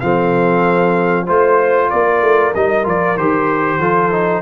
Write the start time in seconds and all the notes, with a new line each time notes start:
0.00 F3 C4 A4 F5
1.25 A3 F4 C5
1.90 A#3 A#4 D5
2.22 A3
2.54 G3 D#4 D#5
2.83 F3 F4 D5
3.17 D#3 G4 C5
3.79 F3 F4 A4
4.11 D#4